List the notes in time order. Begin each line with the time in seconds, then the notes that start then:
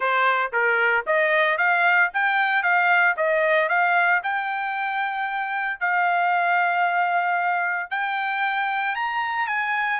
0.00 C5
0.52 A#4
1.06 D#5
1.57 F5
2.13 G5
2.62 F5
3.17 D#5
3.68 F5
4.23 G5
5.80 F5
7.90 G5
8.95 A#5
9.47 G#5